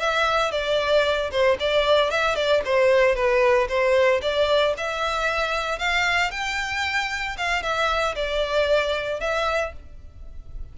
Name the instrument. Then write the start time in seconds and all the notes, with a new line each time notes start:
violin
0.00 E5
0.52 D5
1.31 C5
1.60 D5
2.11 E5
2.36 D5
2.65 C5
3.16 B4
3.69 C5
4.22 D5
4.78 E5
5.79 F5
6.32 G5
7.38 F5
7.63 E5
8.16 D5
9.20 E5